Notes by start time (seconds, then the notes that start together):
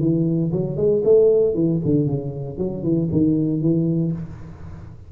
0.00 E3
0.52 F#3
0.77 G#3
1.05 A3
1.55 E3
1.86 D3
2.07 C#3
2.58 F#3
2.83 E3
3.12 D#3
3.62 E3